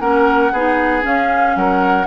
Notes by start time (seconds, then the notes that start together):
0.00 A#3 C#4 A#4 F#5
0.53 B3 D#4 G#4
1.02 C#4 F5
1.56 F#3 A#4 F#5